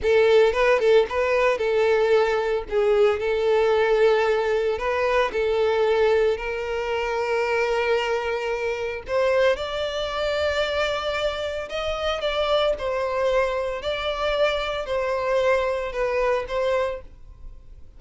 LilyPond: \new Staff \with { instrumentName = "violin" } { \time 4/4 \tempo 4 = 113 a'4 b'8 a'8 b'4 a'4~ | a'4 gis'4 a'2~ | a'4 b'4 a'2 | ais'1~ |
ais'4 c''4 d''2~ | d''2 dis''4 d''4 | c''2 d''2 | c''2 b'4 c''4 | }